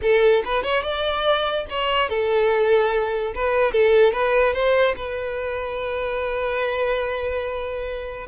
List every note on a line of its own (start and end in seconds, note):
0.02 0.43 A4
0.45 0.63 B4
0.63 0.83 C#5
0.83 1.65 D5
1.69 2.09 C#5
2.09 3.33 A4
3.34 3.71 B4
3.71 4.13 A4
4.13 4.53 B4
4.53 4.94 C5
4.96 8.27 B4